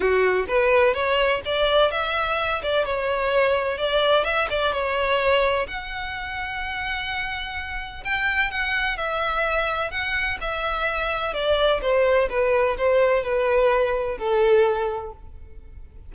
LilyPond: \new Staff \with { instrumentName = "violin" } { \time 4/4 \tempo 4 = 127 fis'4 b'4 cis''4 d''4 | e''4. d''8 cis''2 | d''4 e''8 d''8 cis''2 | fis''1~ |
fis''4 g''4 fis''4 e''4~ | e''4 fis''4 e''2 | d''4 c''4 b'4 c''4 | b'2 a'2 | }